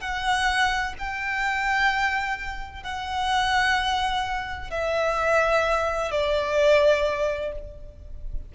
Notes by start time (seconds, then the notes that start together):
0.00 F#5
0.98 G5
2.83 F#5
4.70 E5
6.11 D5